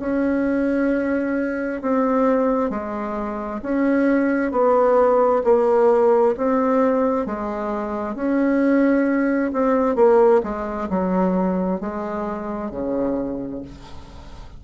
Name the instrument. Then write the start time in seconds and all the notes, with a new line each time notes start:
bassoon
0.00 C#4
1.82 C4
2.70 G#3
3.62 C#4
4.52 B3
5.44 A#3
6.37 C4
7.26 G#3
8.15 C#4
9.53 C4
9.95 A#3
10.43 G#3
10.90 F#3
11.80 G#3
12.71 C#3